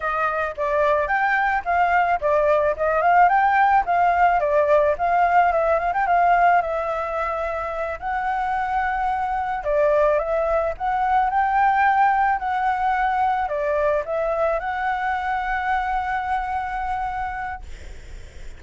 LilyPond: \new Staff \with { instrumentName = "flute" } { \time 4/4 \tempo 4 = 109 dis''4 d''4 g''4 f''4 | d''4 dis''8 f''8 g''4 f''4 | d''4 f''4 e''8 f''16 g''16 f''4 | e''2~ e''8 fis''4.~ |
fis''4. d''4 e''4 fis''8~ | fis''8 g''2 fis''4.~ | fis''8 d''4 e''4 fis''4.~ | fis''1 | }